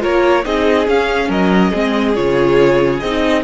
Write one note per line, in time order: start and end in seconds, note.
0.00 0.45 A#3
0.00 0.43 F4
0.00 0.44 A#4
0.00 0.45 C#5
0.44 0.87 C4
0.44 0.87 D#4
0.44 1.29 G#4
0.44 0.87 D#5
0.87 1.29 C#4
0.87 1.73 C#4
0.87 1.31 F5
1.29 1.72 F#3
1.29 1.71 A#4
1.29 2.15 D#5
1.71 2.17 G#3
1.71 2.15 C4
1.71 3.42 G#4
2.15 3.02 C#3
2.15 3.01 F4
2.15 3.00 C#5
3.00 3.43 C4
3.00 3.43 D#4
3.00 3.42 D#5